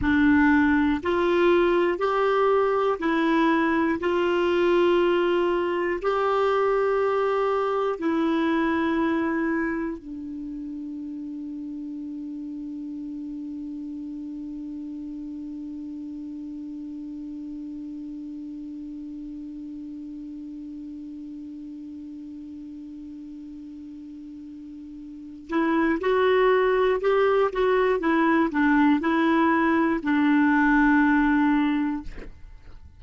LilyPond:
\new Staff \with { instrumentName = "clarinet" } { \time 4/4 \tempo 4 = 60 d'4 f'4 g'4 e'4 | f'2 g'2 | e'2 d'2~ | d'1~ |
d'1~ | d'1~ | d'4. e'8 fis'4 g'8 fis'8 | e'8 d'8 e'4 d'2 | }